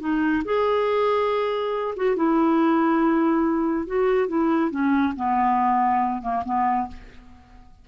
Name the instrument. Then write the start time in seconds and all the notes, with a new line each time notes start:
clarinet
0.00 D#4
0.45 G#4
1.96 F#4
2.16 E4
3.86 F#4
4.28 E4
4.71 C#4
5.16 B3
6.22 A#3
6.45 B3